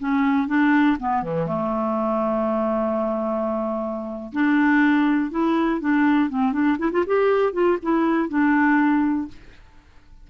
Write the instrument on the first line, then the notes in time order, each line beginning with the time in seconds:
clarinet
0.00 C#4
0.48 D4
1.00 B3
1.23 E3
1.47 A3
4.33 D4
5.31 E4
5.81 D4
6.30 C4
6.53 D4
6.79 E4
6.92 F4
7.07 G4
7.53 F4
7.83 E4
8.29 D4